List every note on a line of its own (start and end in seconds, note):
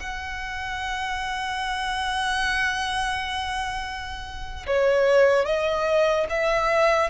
0.00 4.66 F#5
4.67 5.45 C#5
5.45 6.27 D#5
6.29 7.10 E5